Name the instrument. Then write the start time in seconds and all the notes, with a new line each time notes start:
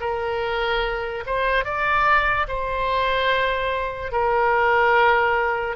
oboe
0.00 A#4
1.26 C5
1.64 D5
2.47 C5
4.12 A#4